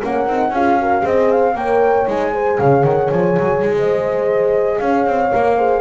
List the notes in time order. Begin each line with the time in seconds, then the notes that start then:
0.00 A#3 C#4 A#4 F#5
0.27 C4 D#4
0.50 C#4 F4 G#4 F5
0.79 F#4 A#4
1.01 C4 G#4 C5 D#5
1.31 F5
1.54 A#3 A#4 C#5 G5
2.07 G#3 D#4 G#5
2.31 G#4 C5
2.59 C#3 C#5 F5
2.83 D#3 F#5
3.11 F3 G#5
3.39 F#3
3.62 G#3
3.76 C5 D#5
4.79 C#4 C#5 F5
5.06 C4
5.32 A#3 A#4
5.57 G#4 C5